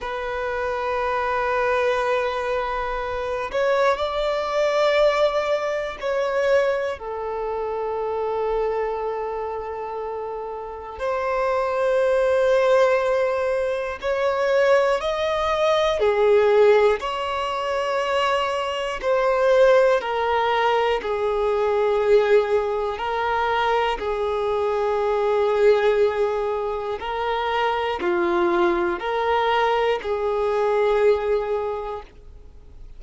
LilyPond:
\new Staff \with { instrumentName = "violin" } { \time 4/4 \tempo 4 = 60 b'2.~ b'8 cis''8 | d''2 cis''4 a'4~ | a'2. c''4~ | c''2 cis''4 dis''4 |
gis'4 cis''2 c''4 | ais'4 gis'2 ais'4 | gis'2. ais'4 | f'4 ais'4 gis'2 | }